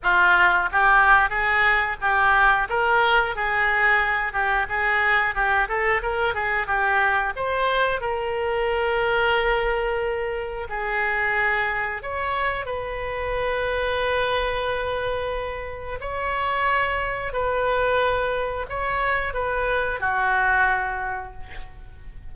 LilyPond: \new Staff \with { instrumentName = "oboe" } { \time 4/4 \tempo 4 = 90 f'4 g'4 gis'4 g'4 | ais'4 gis'4. g'8 gis'4 | g'8 a'8 ais'8 gis'8 g'4 c''4 | ais'1 |
gis'2 cis''4 b'4~ | b'1 | cis''2 b'2 | cis''4 b'4 fis'2 | }